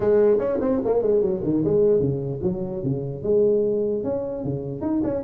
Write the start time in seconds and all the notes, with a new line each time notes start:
0.00 G#3
0.39 C#4
0.60 C4
0.84 A#3
1.02 G#3
1.21 F#3
1.43 D#3
1.64 G#3
1.99 C#3
2.42 F#3
2.83 C#3
3.23 G#3
4.03 C#4
4.44 C#3
4.81 D#4
5.03 C#4